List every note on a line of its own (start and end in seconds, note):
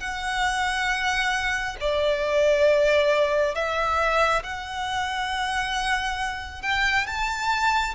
0.00 1.76 F#5
1.80 3.55 D5
3.55 4.43 E5
4.43 6.62 F#5
6.62 7.06 G5
7.07 7.95 A5